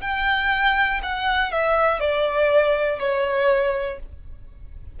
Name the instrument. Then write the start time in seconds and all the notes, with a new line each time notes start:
violin
0.00 G5
1.02 F#5
1.51 E5
1.99 D5
2.99 C#5